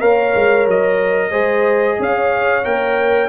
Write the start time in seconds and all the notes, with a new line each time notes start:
0.00 A#3 A#4 C#5 F5
0.35 G#3
0.67 F#3 D#5
1.30 G#3 G#4 C5
1.99 C#4 C#5 F5
2.63 A#3 A#4 G5